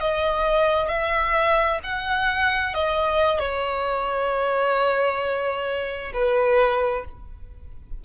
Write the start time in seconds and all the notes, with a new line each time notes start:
0.00 D#5
0.88 E5
1.83 F#5
2.74 D#5
3.39 C#5
6.14 B4